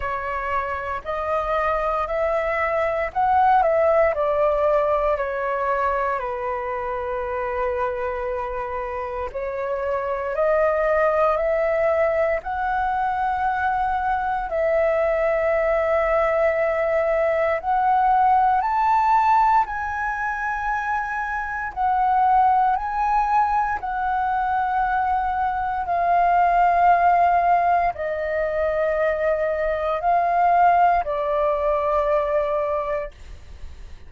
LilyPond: \new Staff \with { instrumentName = "flute" } { \time 4/4 \tempo 4 = 58 cis''4 dis''4 e''4 fis''8 e''8 | d''4 cis''4 b'2~ | b'4 cis''4 dis''4 e''4 | fis''2 e''2~ |
e''4 fis''4 a''4 gis''4~ | gis''4 fis''4 gis''4 fis''4~ | fis''4 f''2 dis''4~ | dis''4 f''4 d''2 | }